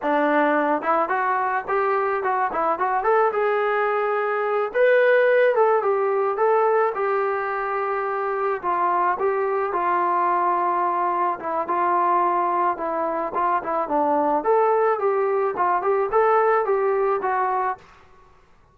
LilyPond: \new Staff \with { instrumentName = "trombone" } { \time 4/4 \tempo 4 = 108 d'4. e'8 fis'4 g'4 | fis'8 e'8 fis'8 a'8 gis'2~ | gis'8 b'4. a'8 g'4 a'8~ | a'8 g'2. f'8~ |
f'8 g'4 f'2~ f'8~ | f'8 e'8 f'2 e'4 | f'8 e'8 d'4 a'4 g'4 | f'8 g'8 a'4 g'4 fis'4 | }